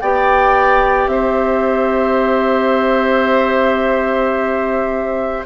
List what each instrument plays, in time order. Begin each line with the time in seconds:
0.00 bassoon B3, clarinet G4, oboe D5, flute G5
1.07 bassoon C4, oboe C5, flute E5